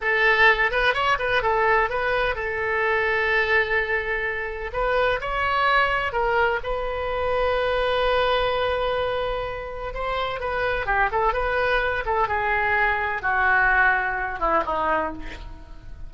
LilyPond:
\new Staff \with { instrumentName = "oboe" } { \time 4/4 \tempo 4 = 127 a'4. b'8 cis''8 b'8 a'4 | b'4 a'2.~ | a'2 b'4 cis''4~ | cis''4 ais'4 b'2~ |
b'1~ | b'4 c''4 b'4 g'8 a'8 | b'4. a'8 gis'2 | fis'2~ fis'8 e'8 dis'4 | }